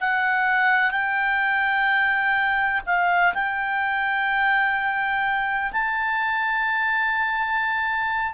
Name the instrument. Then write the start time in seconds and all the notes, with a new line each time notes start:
clarinet
0.00 F#5
0.90 G5
2.86 F5
3.34 G5
5.72 A5